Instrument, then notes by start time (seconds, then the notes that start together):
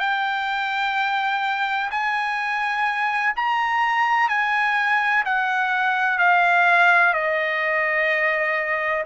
trumpet
0.00 G5
1.91 G#5
3.36 A#5
4.29 G#5
5.26 F#5
6.19 F5
7.14 D#5